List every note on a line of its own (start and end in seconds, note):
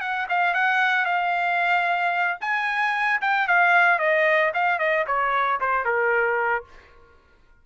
0.00 0.27 F#5
0.29 0.54 F5
0.54 1.05 F#5
1.05 2.38 F5
2.40 3.20 G#5
3.21 3.47 G5
3.47 3.98 F5
3.98 4.52 D#5
4.54 4.78 F5
4.78 5.05 D#5
5.07 5.60 C#5
5.60 5.84 C5
5.84 6.64 A#4